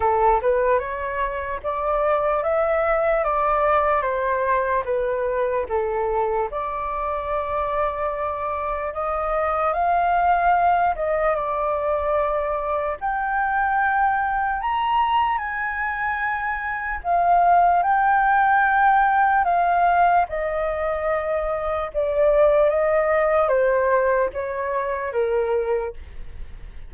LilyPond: \new Staff \with { instrumentName = "flute" } { \time 4/4 \tempo 4 = 74 a'8 b'8 cis''4 d''4 e''4 | d''4 c''4 b'4 a'4 | d''2. dis''4 | f''4. dis''8 d''2 |
g''2 ais''4 gis''4~ | gis''4 f''4 g''2 | f''4 dis''2 d''4 | dis''4 c''4 cis''4 ais'4 | }